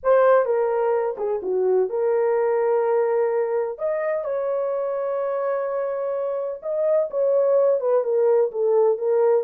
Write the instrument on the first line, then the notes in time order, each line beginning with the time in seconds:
horn
0.03 C5
0.45 A#4
1.17 G#4
1.42 F#4
1.89 A#4
3.78 D#5
4.24 C#5
6.62 D#5
7.10 C#5
7.80 B4
8.04 A#4
8.51 A4
8.98 A#4